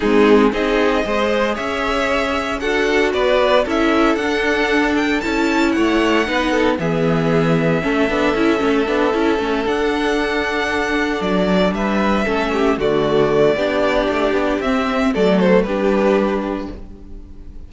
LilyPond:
<<
  \new Staff \with { instrumentName = "violin" } { \time 4/4 \tempo 4 = 115 gis'4 dis''2 e''4~ | e''4 fis''4 d''4 e''4 | fis''4. g''8 a''4 fis''4~ | fis''4 e''2.~ |
e''2~ e''8 fis''4.~ | fis''4. d''4 e''4.~ | e''8 d''2.~ d''8 | e''4 d''8 c''8 b'2 | }
  \new Staff \with { instrumentName = "violin" } { \time 4/4 dis'4 gis'4 c''4 cis''4~ | cis''4 a'4 b'4 a'4~ | a'2. cis''4 | b'8 a'8 gis'2 a'4~ |
a'1~ | a'2~ a'8 b'4 a'8 | g'8 fis'4. g'2~ | g'4 a'4 g'2 | }
  \new Staff \with { instrumentName = "viola" } { \time 4/4 c'4 dis'4 gis'2~ | gis'4 fis'2 e'4 | d'2 e'2 | dis'4 b2 cis'8 d'8 |
e'8 cis'8 d'8 e'8 cis'8 d'4.~ | d'2.~ d'8 cis'8~ | cis'8 a4. d'2 | c'4 a4 d'2 | }
  \new Staff \with { instrumentName = "cello" } { \time 4/4 gis4 c'4 gis4 cis'4~ | cis'4 d'4 b4 cis'4 | d'2 cis'4 a4 | b4 e2 a8 b8 |
cis'8 a8 b8 cis'8 a8 d'4.~ | d'4. fis4 g4 a8~ | a8 d4. b4 a8 b8 | c'4 fis4 g2 | }
>>